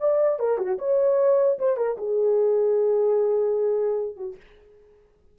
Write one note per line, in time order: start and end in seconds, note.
0.00 0.39 D5
0.39 0.58 A#4
0.58 0.78 F#4
0.78 1.58 C#5
1.59 1.77 C5
1.77 1.97 A#4
1.98 4.17 G#4
4.17 4.37 F#4